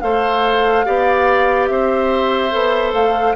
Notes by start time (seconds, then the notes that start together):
0.00 A3 A4 C5 F5
0.85 B3 G4 D5
1.67 C4 C5 E5
2.51 B3 A4
2.92 A3 F5